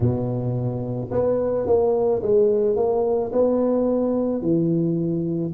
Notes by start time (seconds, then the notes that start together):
0.00 B2
1.11 B3
1.66 A#3
2.22 G#3
2.75 A#3
3.32 B3
4.41 E3